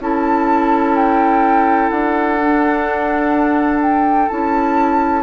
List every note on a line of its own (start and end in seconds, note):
0.00 1.90 C#4
0.00 2.39 E4
0.00 5.23 A4
0.00 0.96 A5
0.96 1.90 G5
1.90 4.29 D4
1.90 3.80 F#5
2.40 4.30 D4
3.81 4.29 G5
4.29 5.23 C#4
4.29 5.23 E4
4.29 5.23 A5